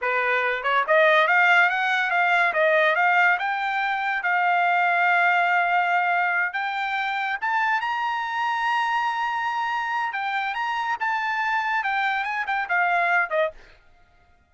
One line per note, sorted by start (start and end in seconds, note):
0.01 0.63 B4
0.63 0.84 C#5
0.87 1.27 D#5
1.27 1.69 F5
1.69 2.10 F#5
2.10 2.52 F5
2.53 2.95 D#5
2.95 3.37 F5
3.38 4.22 G5
4.22 6.53 F5
6.53 7.38 G5
7.41 7.81 A5
7.81 10.12 A#5
10.12 10.54 G5
10.54 10.96 A#5
11.00 11.83 A5
11.83 12.24 G5
12.24 12.45 G#5
12.46 12.68 G5
12.68 13.30 F5
13.30 13.51 D#5